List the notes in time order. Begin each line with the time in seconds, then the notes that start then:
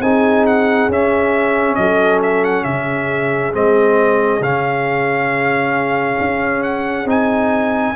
0.00 C4 D#4 G#4 G#5
0.46 F#5
0.88 C#4 E5
1.75 F#3 A4 D#5
2.23 E5
2.44 F#5
2.64 C#3 G#4 E5
3.53 G#3 C4 D#5
4.40 C#3 C#4 F5
6.19 C#4
6.63 F#5
7.05 C4 D#4 G#5